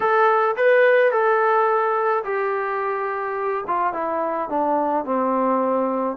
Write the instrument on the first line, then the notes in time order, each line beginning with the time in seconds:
trombone
0.00 A4
0.56 B4
1.11 A4
2.24 G4
3.67 F4
3.93 E4
4.49 D4
5.04 C4